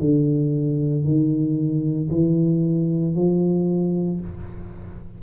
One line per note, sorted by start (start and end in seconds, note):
0.00 1.04 D3
1.04 2.10 D#3
2.10 3.15 E3
3.15 4.20 F3